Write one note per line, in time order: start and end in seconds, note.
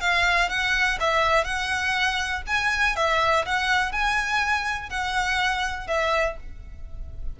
0.00 0.49 F5
0.49 0.98 F#5
1.00 1.44 E5
1.44 2.42 F#5
2.47 2.96 G#5
2.96 3.45 E5
3.46 3.92 F#5
3.92 4.90 G#5
4.90 5.87 F#5
5.87 6.36 E5